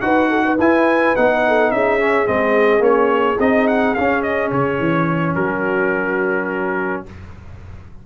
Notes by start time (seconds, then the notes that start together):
0.00 D#4 F#4 B4 F#5
0.30 A4
0.45 B4
0.58 E4 G#5
1.15 B3 D#4 F#5
1.47 A4
1.70 C#4 G#4 E5
1.99 C#4
2.26 G#3 C4 D#5
2.79 A#3 C#4 C#5
3.39 C4 D#4 D#5
3.67 F#5
3.94 C#4 F5
4.22 D#5
4.51 C#3 C#5
4.79 E3
5.35 F#3 F#4 A#4